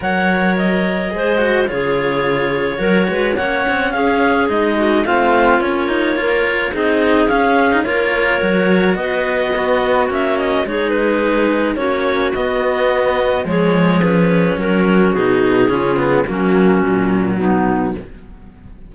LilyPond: <<
  \new Staff \with { instrumentName = "clarinet" } { \time 4/4 \tempo 4 = 107 fis''4 dis''2 cis''4~ | cis''2 fis''4 f''4 | dis''4 f''4 cis''2 | dis''4 f''4 cis''2 |
dis''2 e''8 dis''8 cis''8 b'8~ | b'4 cis''4 dis''2 | cis''4 b'4 ais'4 gis'4~ | gis'4 fis'2 dis'4 | }
  \new Staff \with { instrumentName = "clarinet" } { \time 4/4 cis''2 c''4 gis'4~ | gis'4 ais'8 b'8 cis''4 gis'4~ | gis'8 fis'8 f'2 ais'4 | gis'2 ais'2 |
b'4 fis'2 gis'4~ | gis'4 fis'2. | gis'2 fis'2 | f'4 cis'2 b4 | }
  \new Staff \with { instrumentName = "cello" } { \time 4/4 ais'2 gis'8 fis'8 f'4~ | f'4 fis'4 cis'2 | dis'4 c'4 cis'8 dis'8 f'4 | dis'4 cis'8. dis'16 f'4 fis'4~ |
fis'4 b4 cis'4 dis'4~ | dis'4 cis'4 b2 | gis4 cis'2 dis'4 | cis'8 b8 ais4 fis2 | }
  \new Staff \with { instrumentName = "cello" } { \time 4/4 fis2 gis4 cis4~ | cis4 fis8 gis8 ais8 c'8 cis'4 | gis4 a4 ais2 | c'4 cis'4 ais4 fis4 |
b2 ais4 gis4~ | gis4 ais4 b2 | f2 fis4 b,4 | cis4 fis4 ais,4 b,4 | }
>>